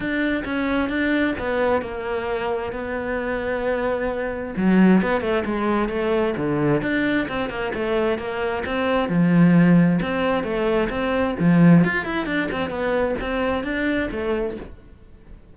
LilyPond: \new Staff \with { instrumentName = "cello" } { \time 4/4 \tempo 4 = 132 d'4 cis'4 d'4 b4 | ais2 b2~ | b2 fis4 b8 a8 | gis4 a4 d4 d'4 |
c'8 ais8 a4 ais4 c'4 | f2 c'4 a4 | c'4 f4 f'8 e'8 d'8 c'8 | b4 c'4 d'4 a4 | }